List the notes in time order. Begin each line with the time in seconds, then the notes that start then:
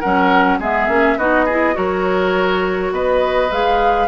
0.00 F#3 C#4 A#4 F#5
0.59 G#3 B3 G#4 E5
0.88 A#3 C#4
1.17 B3 D#4 F#4 D#5
1.45 E4 G#4
1.74 F#3 F#4 A#4 C#5
2.92 B3 B4 D#5
3.52 G#3 G#4 F5